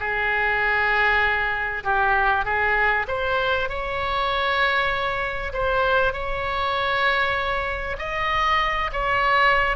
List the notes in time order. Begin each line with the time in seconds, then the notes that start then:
0.00 G#4
1.84 G4
2.45 G#4
3.08 C5
3.69 C#5
5.53 C5
6.13 C#5
7.99 D#5
8.93 C#5